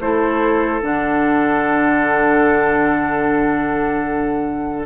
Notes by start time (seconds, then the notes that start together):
0.00 A3 E4 A4 C5
0.82 D3 D4 F#5